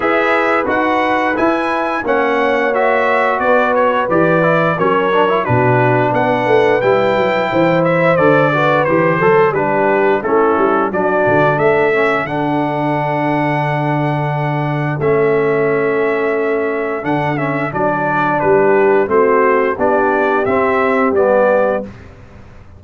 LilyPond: <<
  \new Staff \with { instrumentName = "trumpet" } { \time 4/4 \tempo 4 = 88 e''4 fis''4 gis''4 fis''4 | e''4 d''8 cis''8 d''4 cis''4 | b'4 fis''4 g''4. e''8 | d''4 c''4 b'4 a'4 |
d''4 e''4 fis''2~ | fis''2 e''2~ | e''4 fis''8 e''8 d''4 b'4 | c''4 d''4 e''4 d''4 | }
  \new Staff \with { instrumentName = "horn" } { \time 4/4 b'2. cis''4~ | cis''4 b'2 ais'4 | fis'4 b'2 c''4~ | c''8 b'4 a'8 g'4 e'4 |
fis'4 a'2.~ | a'1~ | a'2. g'4 | fis'4 g'2. | }
  \new Staff \with { instrumentName = "trombone" } { \time 4/4 gis'4 fis'4 e'4 cis'4 | fis'2 g'8 e'8 cis'8 d'16 e'16 | d'2 e'2 | a'8 fis'8 g'8 a'8 d'4 cis'4 |
d'4. cis'8 d'2~ | d'2 cis'2~ | cis'4 d'8 cis'8 d'2 | c'4 d'4 c'4 b4 | }
  \new Staff \with { instrumentName = "tuba" } { \time 4/4 e'4 dis'4 e'4 ais4~ | ais4 b4 e4 fis4 | b,4 b8 a8 g8 fis8 e4 | d4 e8 fis8 g4 a8 g8 |
fis8 d8 a4 d2~ | d2 a2~ | a4 d4 fis4 g4 | a4 b4 c'4 g4 | }
>>